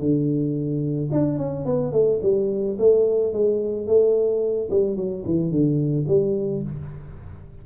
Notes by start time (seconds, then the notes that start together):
0.00 D3
1.12 D4
1.38 C#4
1.66 B3
1.92 A3
2.23 G3
2.79 A3
3.33 G#3
3.87 A3
4.70 G3
4.96 F#3
5.26 E3
5.51 D3
6.08 G3